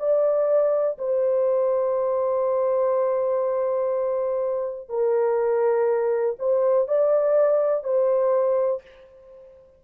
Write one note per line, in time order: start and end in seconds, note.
0.00 0.98 D5
0.99 4.90 C5
4.90 6.37 A#4
6.40 6.89 C5
6.89 7.85 D5
7.85 8.83 C5